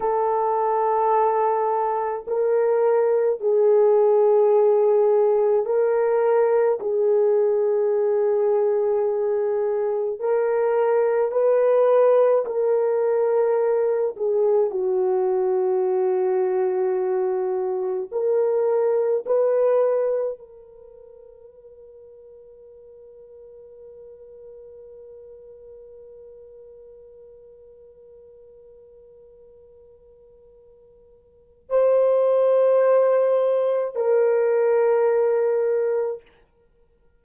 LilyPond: \new Staff \with { instrumentName = "horn" } { \time 4/4 \tempo 4 = 53 a'2 ais'4 gis'4~ | gis'4 ais'4 gis'2~ | gis'4 ais'4 b'4 ais'4~ | ais'8 gis'8 fis'2. |
ais'4 b'4 ais'2~ | ais'1~ | ais'1 | c''2 ais'2 | }